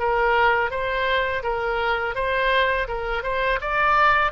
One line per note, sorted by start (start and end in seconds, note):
0.00 0.71 A#4
0.71 1.43 C5
1.44 2.16 A#4
2.16 2.88 C5
2.88 3.24 A#4
3.24 3.60 C5
3.61 4.32 D5